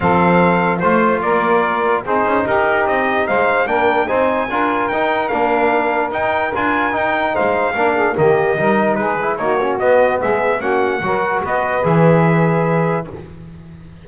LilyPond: <<
  \new Staff \with { instrumentName = "trumpet" } { \time 4/4 \tempo 4 = 147 f''2 c''4 d''4~ | d''4 c''4 ais'4 dis''4 | f''4 g''4 gis''2 | g''4 f''2 g''4 |
gis''4 g''4 f''2 | dis''2 b'4 cis''4 | dis''4 e''4 fis''2 | dis''4 e''2. | }
  \new Staff \with { instrumentName = "saxophone" } { \time 4/4 a'2 c''4 ais'4~ | ais'4 gis'4 g'2 | c''4 ais'4 c''4 ais'4~ | ais'1~ |
ais'2 c''4 ais'8 gis'8 | g'4 ais'4 gis'4 fis'4~ | fis'4 gis'4 fis'4 ais'4 | b'1 | }
  \new Staff \with { instrumentName = "trombone" } { \time 4/4 c'2 f'2~ | f'4 dis'2.~ | dis'4 d'4 dis'4 f'4 | dis'4 d'2 dis'4 |
f'4 dis'2 d'4 | ais4 dis'4. e'8 dis'8 cis'8 | b2 cis'4 fis'4~ | fis'4 gis'2. | }
  \new Staff \with { instrumentName = "double bass" } { \time 4/4 f2 a4 ais4~ | ais4 c'8 cis'8 dis'4 c'4 | gis4 ais4 c'4 d'4 | dis'4 ais2 dis'4 |
d'4 dis'4 gis4 ais4 | dis4 g4 gis4 ais4 | b4 gis4 ais4 fis4 | b4 e2. | }
>>